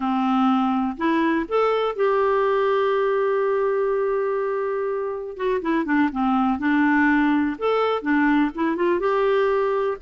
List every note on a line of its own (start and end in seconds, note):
0.00 0.96 C4
0.97 1.46 E4
1.48 1.95 A4
1.95 5.36 G4
5.36 5.61 F#4
5.61 5.85 E4
5.85 6.09 D4
6.12 6.59 C4
6.59 7.56 D4
7.58 8.02 A4
8.02 8.50 D4
8.55 8.76 E4
8.76 8.99 F4
8.99 9.97 G4